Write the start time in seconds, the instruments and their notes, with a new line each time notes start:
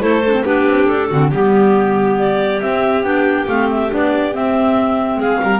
0.00 double bass A3, clarinet E4 C5, violin A4
0.27 clarinet D4
0.33 clarinet C4
0.45 double bass B3, clarinet D4 B4, violin G4
0.67 double bass C4
0.87 double bass D4, clarinet A4
1.10 double bass D3, clarinet C4, violin F#4
1.30 double bass G3, clarinet B3 G4, violin G4
2.19 clarinet D5
2.61 clarinet C4 E5, double bass C4
3.03 double bass B3, clarinet D4 G5
3.48 double bass A3, clarinet C4 F5
3.71 clarinet E5
3.90 double bass B3, clarinet D4 D5
4.33 clarinet C4 E5, double bass C4
5.17 double bass G#3, violin G#4, clarinet F5
5.43 double bass G3, violin A#4